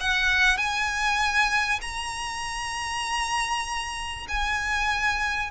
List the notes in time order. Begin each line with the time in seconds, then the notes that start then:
0.00 F#5
0.57 G#5
1.81 A#5
4.28 G#5